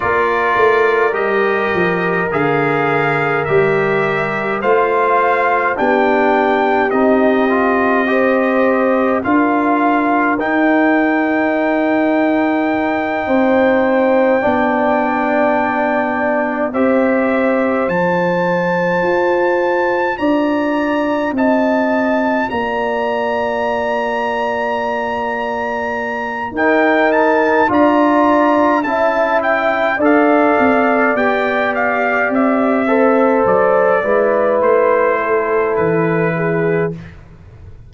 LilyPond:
<<
  \new Staff \with { instrumentName = "trumpet" } { \time 4/4 \tempo 4 = 52 d''4 dis''4 f''4 e''4 | f''4 g''4 dis''2 | f''4 g''2.~ | g''2~ g''8 e''4 a''8~ |
a''4. ais''4 a''4 ais''8~ | ais''2. g''8 a''8 | ais''4 a''8 g''8 f''4 g''8 f''8 | e''4 d''4 c''4 b'4 | }
  \new Staff \with { instrumentName = "horn" } { \time 4/4 ais'1 | c''4 g'2 c''4 | ais'2.~ ais'8 c''8~ | c''8 d''2 c''4.~ |
c''4. d''4 dis''4 d''8~ | d''2. ais'4 | d''4 e''4 d''2~ | d''8 c''4 b'4 a'4 gis'8 | }
  \new Staff \with { instrumentName = "trombone" } { \time 4/4 f'4 g'4 gis'4 g'4 | f'4 d'4 dis'8 f'8 g'4 | f'4 dis'2.~ | dis'8 d'2 g'4 f'8~ |
f'1~ | f'2. dis'4 | f'4 e'4 a'4 g'4~ | g'8 a'4 e'2~ e'8 | }
  \new Staff \with { instrumentName = "tuba" } { \time 4/4 ais8 a8 g8 f8 d4 g4 | a4 b4 c'2 | d'4 dis'2~ dis'8 c'8~ | c'8 b2 c'4 f8~ |
f8 f'4 d'4 c'4 ais8~ | ais2. dis'4 | d'4 cis'4 d'8 c'8 b4 | c'4 fis8 gis8 a4 e4 | }
>>